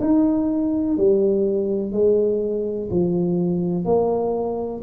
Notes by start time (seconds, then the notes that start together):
0.00 D#4
0.97 G3
1.92 G#3
2.91 F3
3.85 A#3